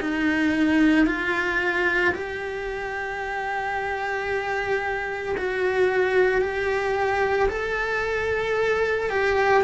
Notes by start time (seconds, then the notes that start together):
0.00 D#4
1.07 F4
2.14 G4
5.38 F#4
6.41 G4
7.49 A4
9.10 G4